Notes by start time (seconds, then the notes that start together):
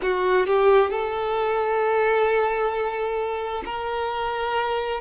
0.02 F#4
0.46 G4
0.90 A4
3.65 A#4